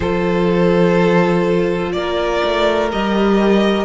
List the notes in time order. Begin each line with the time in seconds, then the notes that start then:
0.00 F3 F4 A4 C5
1.92 A#3 A#4 D5
2.44 A3
2.91 G3 G4 D#5